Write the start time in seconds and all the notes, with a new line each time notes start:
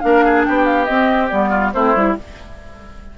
0.00 A#3 D4 A#4 F5
0.25 G#4
0.45 B3 G4 G5
0.65 F5
0.85 C4 D#5
1.29 G3 B3 D5
1.49 F4
1.73 A3 C4 E4 C5
1.95 G3 E4